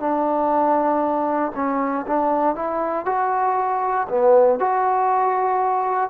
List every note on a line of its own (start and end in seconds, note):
0.00 1.53 D4
1.55 2.06 C#4
2.07 2.56 D4
2.56 3.06 E4
3.06 4.08 F#4
4.09 4.59 B3
4.60 6.10 F#4